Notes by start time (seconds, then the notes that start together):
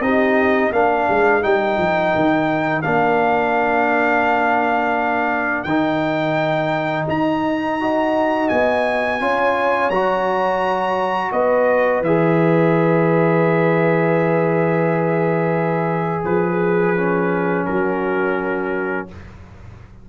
0.00 C4 D#4 G4 D#5
0.72 A#3 D4 A#4 F5
1.09 G#3
1.41 G3 D#4 G5
1.78 F3
2.15 D#3
2.82 A#3 D4 F5
5.63 D#3 D#4 G5
7.08 D#4 A#5
7.79 F#4 D#5
8.48 B3 G#5
9.20 C#4 F4 C#5
9.89 F#3 F#4 A#5
11.31 B3 B4 D#5
12.01 E3 G#4 E5
16.24 F3 G#4 B4
16.96 C#4
17.65 F#3 F#4 A#4